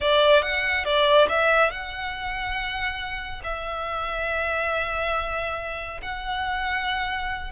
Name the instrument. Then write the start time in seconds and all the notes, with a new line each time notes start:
violin
0.00 D5
0.42 F#5
0.85 D5
1.29 E5
1.70 F#5
3.43 E5
6.02 F#5